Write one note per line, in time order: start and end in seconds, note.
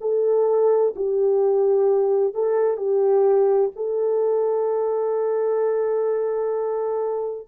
0.00 0.94 A4
0.95 2.34 G4
2.34 2.77 A4
2.77 3.70 G4
3.75 7.47 A4